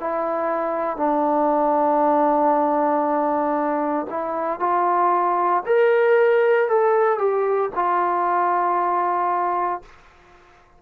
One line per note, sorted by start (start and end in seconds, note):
0.00 0.97 E4
0.97 4.07 D4
4.10 4.60 E4
4.60 5.63 F4
5.66 6.69 A#4
6.69 7.18 A4
7.18 7.70 G4
7.75 9.82 F4